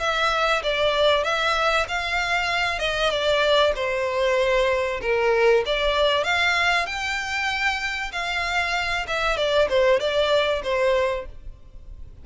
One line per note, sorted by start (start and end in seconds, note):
0.00 0.62 E5
0.63 1.24 D5
1.24 1.87 E5
1.89 2.80 F5
2.80 3.11 D#5
3.11 3.73 D5
3.76 5.01 C5
5.02 5.64 A#4
5.66 6.24 D5
6.24 6.87 F5
6.87 8.12 G5
8.13 9.07 F5
9.08 9.38 E5
9.38 9.69 D5
9.70 10.00 C5
10.00 10.63 D5
10.64 11.26 C5